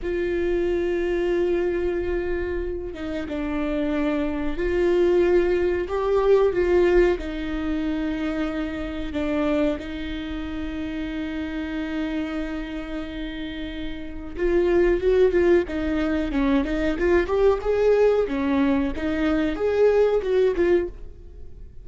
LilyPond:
\new Staff \with { instrumentName = "viola" } { \time 4/4 \tempo 4 = 92 f'1~ | f'8 dis'8 d'2 f'4~ | f'4 g'4 f'4 dis'4~ | dis'2 d'4 dis'4~ |
dis'1~ | dis'2 f'4 fis'8 f'8 | dis'4 cis'8 dis'8 f'8 g'8 gis'4 | cis'4 dis'4 gis'4 fis'8 f'8 | }